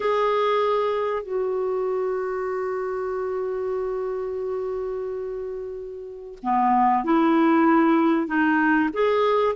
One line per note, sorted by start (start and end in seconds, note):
0.00 1.22 G#4
1.22 6.38 F#4
6.43 7.04 B3
7.04 8.27 E4
8.27 8.89 D#4
8.93 9.55 G#4